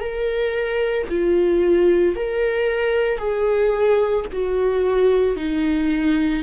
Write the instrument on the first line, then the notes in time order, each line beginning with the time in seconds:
viola
0.00 A#4
1.09 F4
2.15 A#4
3.18 G#4
4.32 F#4
5.36 D#4